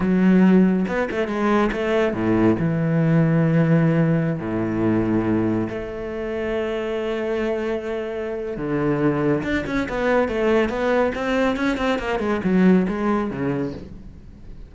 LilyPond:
\new Staff \with { instrumentName = "cello" } { \time 4/4 \tempo 4 = 140 fis2 b8 a8 gis4 | a4 a,4 e2~ | e2~ e16 a,4.~ a,16~ | a,4~ a,16 a2~ a8.~ |
a1 | d2 d'8 cis'8 b4 | a4 b4 c'4 cis'8 c'8 | ais8 gis8 fis4 gis4 cis4 | }